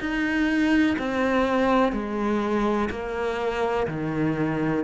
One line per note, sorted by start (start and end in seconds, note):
0.00 0.97 D#4
0.99 1.93 C4
1.93 2.89 G#3
2.90 3.87 A#3
3.88 4.84 D#3